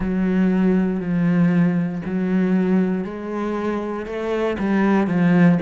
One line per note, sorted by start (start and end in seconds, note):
0.00 1.00 F#3
1.00 2.02 F3
2.05 3.04 F#3
3.04 4.05 G#3
4.05 4.56 A3
4.59 5.07 G3
5.07 5.58 F3